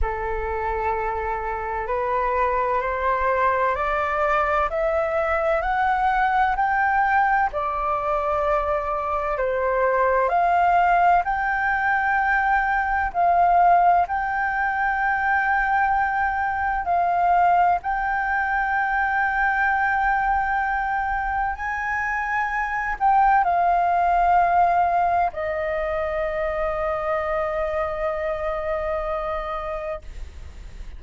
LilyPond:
\new Staff \with { instrumentName = "flute" } { \time 4/4 \tempo 4 = 64 a'2 b'4 c''4 | d''4 e''4 fis''4 g''4 | d''2 c''4 f''4 | g''2 f''4 g''4~ |
g''2 f''4 g''4~ | g''2. gis''4~ | gis''8 g''8 f''2 dis''4~ | dis''1 | }